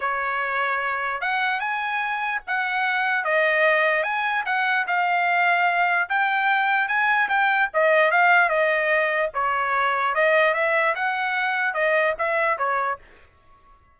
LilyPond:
\new Staff \with { instrumentName = "trumpet" } { \time 4/4 \tempo 4 = 148 cis''2. fis''4 | gis''2 fis''2 | dis''2 gis''4 fis''4 | f''2. g''4~ |
g''4 gis''4 g''4 dis''4 | f''4 dis''2 cis''4~ | cis''4 dis''4 e''4 fis''4~ | fis''4 dis''4 e''4 cis''4 | }